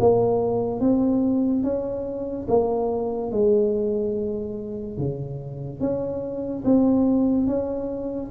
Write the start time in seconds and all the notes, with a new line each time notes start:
0.00 A#3
0.80 C4
1.63 C#4
2.48 A#3
3.31 G#3
4.98 C#3
5.80 C#4
6.65 C4
7.47 C#4